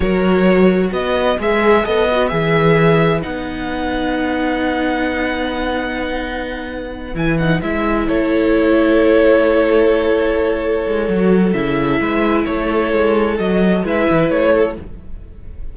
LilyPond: <<
  \new Staff \with { instrumentName = "violin" } { \time 4/4 \tempo 4 = 130 cis''2 dis''4 e''4 | dis''4 e''2 fis''4~ | fis''1~ | fis''2.~ fis''8 gis''8 |
fis''8 e''4 cis''2~ cis''8~ | cis''1~ | cis''4 e''2 cis''4~ | cis''4 dis''4 e''4 cis''4 | }
  \new Staff \with { instrumentName = "violin" } { \time 4/4 ais'2 b'2~ | b'1~ | b'1~ | b'1~ |
b'4. a'2~ a'8~ | a'1~ | a'2 b'4 a'4~ | a'2 b'4. a'8 | }
  \new Staff \with { instrumentName = "viola" } { \time 4/4 fis'2. gis'4 | a'8 fis'8 gis'2 dis'4~ | dis'1~ | dis'2.~ dis'8 e'8 |
dis'8 e'2.~ e'8~ | e'1 | fis'4 e'2.~ | e'4 fis'4 e'2 | }
  \new Staff \with { instrumentName = "cello" } { \time 4/4 fis2 b4 gis4 | b4 e2 b4~ | b1~ | b2.~ b8 e8~ |
e8 gis4 a2~ a8~ | a2.~ a8 gis8 | fis4 cis4 gis4 a4 | gis4 fis4 gis8 e8 a4 | }
>>